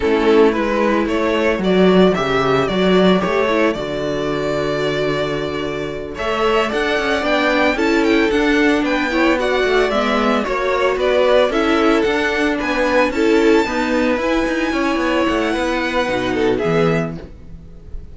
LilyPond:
<<
  \new Staff \with { instrumentName = "violin" } { \time 4/4 \tempo 4 = 112 a'4 b'4 cis''4 d''4 | e''4 d''4 cis''4 d''4~ | d''2.~ d''8 e''8~ | e''8 fis''4 g''4 a''8 g''8 fis''8~ |
fis''8 g''4 fis''4 e''4 cis''8~ | cis''8 d''4 e''4 fis''4 gis''8~ | gis''8 a''2 gis''4.~ | gis''8 fis''2~ fis''8 e''4 | }
  \new Staff \with { instrumentName = "violin" } { \time 4/4 e'2 a'2~ | a'1~ | a'2.~ a'8 cis''8~ | cis''8 d''2 a'4.~ |
a'8 b'8 cis''8 d''2 cis''8~ | cis''8 b'4 a'2 b'8~ | b'8 a'4 b'2 cis''8~ | cis''4 b'4. a'8 gis'4 | }
  \new Staff \with { instrumentName = "viola" } { \time 4/4 cis'4 e'2 fis'4 | g'4 fis'4 g'8 e'8 fis'4~ | fis'2.~ fis'8 a'8~ | a'4. d'4 e'4 d'8~ |
d'4 e'8 fis'4 b4 fis'8~ | fis'4. e'4 d'4.~ | d'8 e'4 b4 e'4.~ | e'2 dis'4 b4 | }
  \new Staff \with { instrumentName = "cello" } { \time 4/4 a4 gis4 a4 fis4 | cis4 fis4 a4 d4~ | d2.~ d8 a8~ | a8 d'8 cis'8 b4 cis'4 d'8~ |
d'8 b4. a8 gis4 ais8~ | ais8 b4 cis'4 d'4 b8~ | b8 cis'4 dis'4 e'8 dis'8 cis'8 | b8 a8 b4 b,4 e4 | }
>>